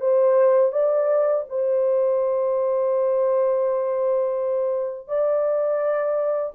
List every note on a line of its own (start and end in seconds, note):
0.00 0.72 C5
0.72 1.44 D5
1.49 5.08 C5
5.08 6.52 D5